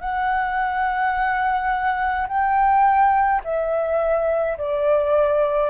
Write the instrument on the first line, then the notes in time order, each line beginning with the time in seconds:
flute
0.00 F#5
2.28 G5
3.44 E5
4.57 D5